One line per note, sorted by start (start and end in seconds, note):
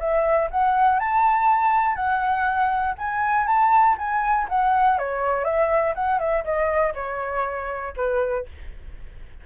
0.00 0.50 E5
0.51 1.00 F#5
1.00 1.96 A5
1.96 2.95 F#5
2.99 3.48 G#5
3.48 3.97 A5
3.99 4.48 G#5
4.49 4.99 F#5
4.99 5.45 C#5
5.45 5.94 E5
5.95 6.20 F#5
6.20 6.44 E5
6.45 6.94 D#5
6.95 7.94 C#5
7.97 8.47 B4